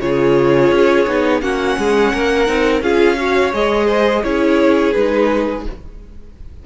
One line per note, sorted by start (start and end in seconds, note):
0.00 0.71 C#3
0.00 1.07 F4
0.00 1.42 G#4
0.00 1.41 C#5
0.71 1.06 C#4
1.07 1.41 B3
1.07 1.41 D#4
1.41 1.77 A#3
1.41 2.46 C#4
1.41 1.78 F#4
1.41 2.82 F#5
1.77 2.13 G#3
1.77 2.13 G#4
2.13 2.48 A#3
2.13 2.83 A#4
2.46 2.81 C4
2.46 2.81 D#4
2.81 3.52 C#4
2.81 3.17 F4
2.81 3.18 G#4
2.81 3.53 F5
3.17 3.52 F#4
3.17 3.86 C#5
3.53 4.24 G#3
3.53 4.23 G#4
3.53 4.23 D#5
3.86 4.22 C5
4.23 4.95 C#4
4.23 4.94 E4
4.23 5.66 G#4
4.23 4.92 C#5
4.92 5.66 G#3
4.92 5.66 D#4
4.92 5.63 B4